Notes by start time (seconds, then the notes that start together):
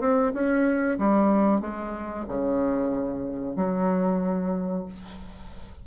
0.00 C4
0.33 C#4
0.98 G3
1.61 G#3
2.28 C#3
3.56 F#3